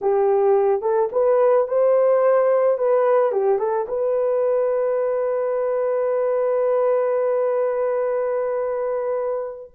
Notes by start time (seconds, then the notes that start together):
0.01 G4
0.81 A4
1.12 B4
1.67 C5
2.78 B4
3.32 G4
3.58 A4
3.87 B4